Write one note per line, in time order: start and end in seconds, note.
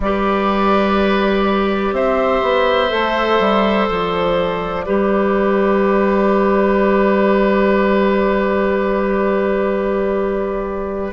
0.00 1.92 G3
0.00 2.89 G4
0.00 1.94 B4
0.00 1.94 D5
1.92 2.40 C4
1.92 4.85 C5
1.92 3.86 E5
2.42 2.91 B3
2.89 3.39 A3
2.89 4.82 A4
3.39 3.88 G3
3.86 4.86 F3
3.86 11.12 D5
4.85 11.12 G3
4.85 11.12 G4
4.85 11.12 B4